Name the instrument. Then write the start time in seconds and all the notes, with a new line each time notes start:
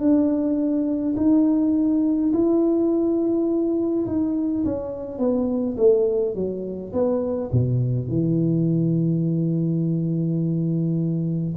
tuba
0.00 D4
1.17 D#4
2.33 E4
4.07 D#4
4.65 C#4
5.19 B3
5.77 A3
6.35 F#3
6.93 B3
7.53 B2
8.09 E3